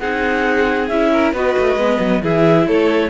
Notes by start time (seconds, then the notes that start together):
0.00 C4 D#4 G#4 F#5
0.88 C#4 E4 E5
1.13 A#4
1.33 B3 F#4 B4 D#5
1.59 A3
1.76 G#3 B3
2.00 F#3
2.23 E3 E4 G#4 E5
2.67 A3 A4 C#5